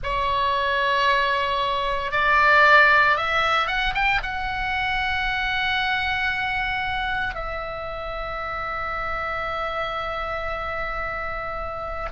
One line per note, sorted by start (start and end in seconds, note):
0.02 2.11 C#5
2.11 3.16 D5
3.16 3.67 E5
3.67 3.93 F#5
3.94 4.21 G5
4.22 7.34 F#5
7.34 12.08 E5